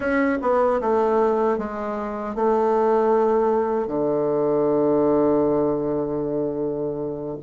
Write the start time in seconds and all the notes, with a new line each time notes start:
0.00 C#4
0.41 B3
0.80 A3
1.58 G#3
2.35 A3
3.87 D3